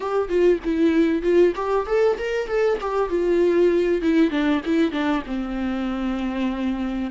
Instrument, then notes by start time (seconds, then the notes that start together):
viola
0.00 G4
0.28 F4
0.64 E4
1.22 F4
1.55 G4
1.86 A4
2.18 A#4
2.47 A4
2.80 G4
3.09 F4
4.01 E4
4.30 D4
4.65 E4
4.91 D4
5.26 C4